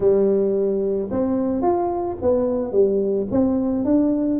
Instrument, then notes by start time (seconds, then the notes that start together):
tuba
0.00 G3
1.10 C4
1.61 F4
2.21 B3
2.71 G3
3.31 C4
3.85 D4